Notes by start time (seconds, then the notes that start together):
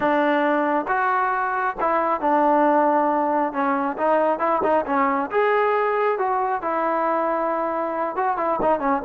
0.00 D4
0.87 F#4
1.80 E4
2.20 D4
3.53 C#4
3.97 D#4
4.39 E4
4.63 D#4
4.86 C#4
5.30 G#4
6.18 F#4
6.62 E4
8.15 F#4
8.37 E4
8.61 D#4
8.79 C#4